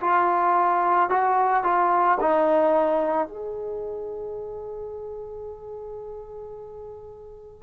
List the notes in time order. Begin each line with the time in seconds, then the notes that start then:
0.00 F4
1.10 F#4
1.64 F4
2.20 D#4
3.27 G#4